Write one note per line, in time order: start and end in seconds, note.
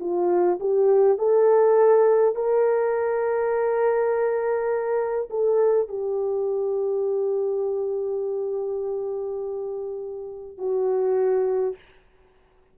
0.00 0.59 F4
0.60 1.18 G4
1.18 2.35 A4
2.35 5.29 A#4
5.30 5.88 A4
5.88 10.58 G4
10.58 11.75 F#4